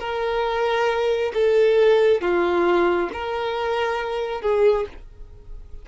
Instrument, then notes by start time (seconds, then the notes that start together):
violin
0.00 A#4
1.34 A4
2.21 F4
3.13 A#4
4.42 G#4